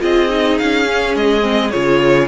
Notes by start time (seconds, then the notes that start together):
0.00 C4 F4 G#4 D#5
0.29 D#4
0.58 C#4 F5
0.85 C#4
1.15 G#3 D#5
1.42 C4
1.70 C#3 F4 C#5